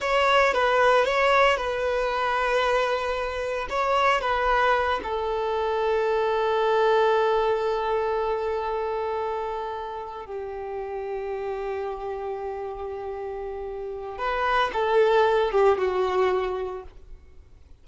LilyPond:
\new Staff \with { instrumentName = "violin" } { \time 4/4 \tempo 4 = 114 cis''4 b'4 cis''4 b'4~ | b'2. cis''4 | b'4. a'2~ a'8~ | a'1~ |
a'2.~ a'8 g'8~ | g'1~ | g'2. b'4 | a'4. g'8 fis'2 | }